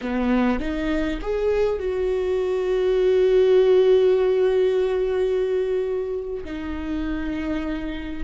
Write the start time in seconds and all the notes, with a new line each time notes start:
0.01 B3
0.59 D#4
1.21 G#4
1.79 F#4
6.44 D#4